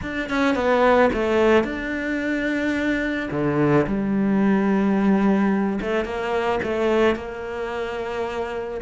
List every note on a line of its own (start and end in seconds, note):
0.02 0.29 D4
0.29 0.55 C#4
0.55 1.10 B3
1.13 1.64 A3
1.64 3.29 D4
3.31 3.86 D3
3.86 5.79 G3
5.81 6.04 A3
6.04 6.59 A#3
6.63 7.15 A3
7.15 8.80 A#3